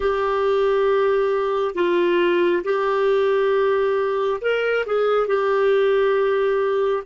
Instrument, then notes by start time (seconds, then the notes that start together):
clarinet
0.00 G4
1.74 F4
2.64 G4
4.41 A#4
4.86 G#4
5.27 G4